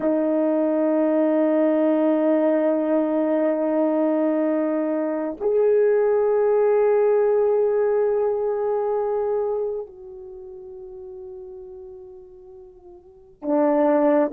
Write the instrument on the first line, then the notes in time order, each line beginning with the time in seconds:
horn
0.00 D#4
5.40 G#4
9.86 F#4
13.42 D4